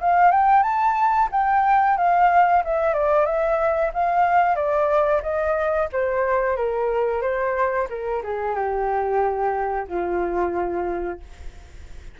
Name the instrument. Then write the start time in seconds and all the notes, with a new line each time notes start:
flute
0.00 F5
0.31 G5
0.62 A5
1.31 G5
1.97 F5
2.64 E5
2.93 D5
3.25 E5
3.93 F5
4.55 D5
5.22 D#5
5.92 C5
6.56 A#4
7.21 C5
7.89 A#4
8.23 G#4
8.55 G4
9.88 F4